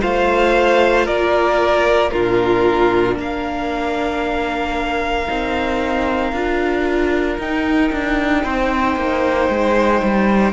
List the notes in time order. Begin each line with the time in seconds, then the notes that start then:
0.00 A3 F4 C5 F5
1.05 A#3 A#4 D5
2.10 A#2 D4 F4 A#4
3.15 A#3 A#4 F5
5.27 C4 D#4
6.33 D4 F4
7.38 D#4 G5
7.92 D4
8.43 C4 C5
8.96 A#3
9.49 G#3
10.03 G3